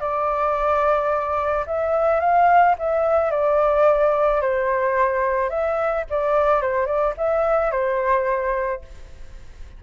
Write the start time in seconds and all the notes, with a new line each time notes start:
0.00 D5
1.66 E5
2.20 F5
2.78 E5
3.31 D5
4.41 C5
5.50 E5
6.10 D5
6.62 C5
6.86 D5
7.17 E5
7.71 C5